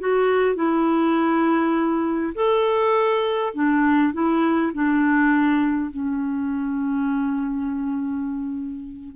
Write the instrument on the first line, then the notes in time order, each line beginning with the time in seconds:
clarinet
0.00 F#4
0.56 E4
2.35 A4
3.55 D4
4.14 E4
4.74 D4
5.91 C#4